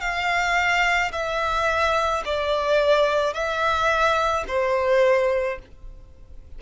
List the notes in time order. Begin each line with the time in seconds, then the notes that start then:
0.00 F5
1.12 E5
2.25 D5
3.33 E5
4.47 C5